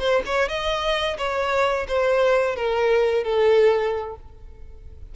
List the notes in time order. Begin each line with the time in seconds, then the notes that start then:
0.00 C5
0.26 C#5
0.49 D#5
1.18 C#5
1.88 C5
2.56 A#4
3.24 A4